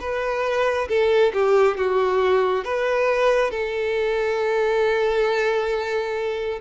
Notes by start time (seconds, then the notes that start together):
0.00 B4
0.89 A4
1.33 G4
1.77 F#4
2.65 B4
3.51 A4